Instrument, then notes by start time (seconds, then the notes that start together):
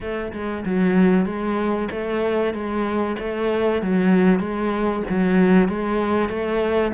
cello
0.00 A3
0.32 G#3
0.65 F#3
1.25 G#3
1.91 A3
2.53 G#3
3.18 A3
3.82 F#3
4.39 G#3
5.09 F#3
5.68 G#3
6.29 A3